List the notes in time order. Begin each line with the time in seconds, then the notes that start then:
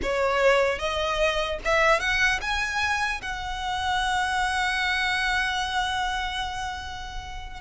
0.02 C#5
0.78 D#5
1.65 E5
2.00 F#5
2.41 G#5
3.21 F#5